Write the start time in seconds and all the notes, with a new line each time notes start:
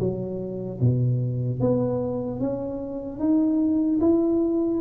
0.00 F#3
0.81 B2
1.61 B3
2.40 C#4
3.20 D#4
4.01 E4